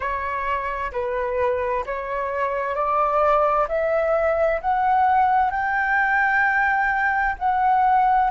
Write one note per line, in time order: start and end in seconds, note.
0.00 0.91 C#5
0.92 1.84 B4
1.86 2.74 C#5
2.74 3.67 D5
3.68 4.60 E5
4.61 5.50 F#5
5.50 7.35 G5
7.38 8.30 F#5